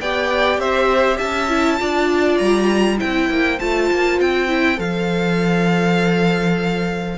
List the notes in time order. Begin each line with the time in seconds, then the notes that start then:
0.00 B3 G4 D5 G5
0.58 C4 C5 E5
1.17 C#4 E5 A5
1.49 E4
1.79 D4 F4 D5
2.38 G3 A#5
2.98 C4 E4 C5 G5
3.29 A#3
3.59 A3 F4 A5
3.92 A#3
4.20 C4 G5
4.48 E4
4.76 F3 A4 F5